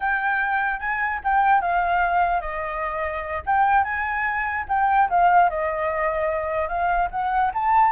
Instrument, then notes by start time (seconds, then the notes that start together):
flute
0.00 G5
0.79 G#5
1.24 G5
1.61 F5
2.40 D#5
3.46 G5
3.83 G#5
4.68 G5
5.09 F5
5.49 D#5
6.68 F5
7.11 F#5
7.54 A5